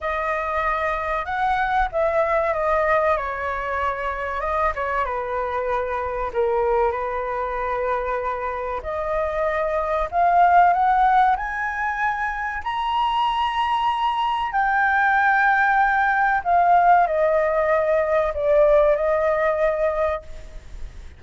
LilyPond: \new Staff \with { instrumentName = "flute" } { \time 4/4 \tempo 4 = 95 dis''2 fis''4 e''4 | dis''4 cis''2 dis''8 cis''8 | b'2 ais'4 b'4~ | b'2 dis''2 |
f''4 fis''4 gis''2 | ais''2. g''4~ | g''2 f''4 dis''4~ | dis''4 d''4 dis''2 | }